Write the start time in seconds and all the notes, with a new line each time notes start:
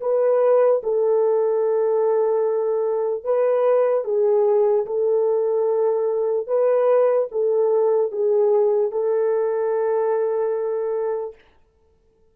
0.00 B4
0.83 A4
3.24 B4
4.04 G#4
4.86 A4
6.47 B4
7.32 A4
8.11 G#4
8.92 A4